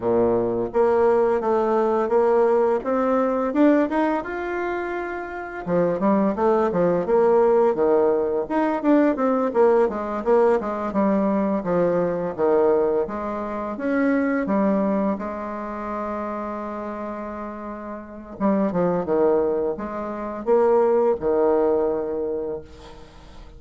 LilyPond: \new Staff \with { instrumentName = "bassoon" } { \time 4/4 \tempo 4 = 85 ais,4 ais4 a4 ais4 | c'4 d'8 dis'8 f'2 | f8 g8 a8 f8 ais4 dis4 | dis'8 d'8 c'8 ais8 gis8 ais8 gis8 g8~ |
g8 f4 dis4 gis4 cis'8~ | cis'8 g4 gis2~ gis8~ | gis2 g8 f8 dis4 | gis4 ais4 dis2 | }